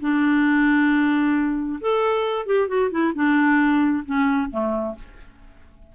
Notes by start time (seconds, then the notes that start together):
0.00 D4
1.81 A4
2.46 G4
2.68 F#4
2.91 E4
3.15 D4
4.05 C#4
4.50 A3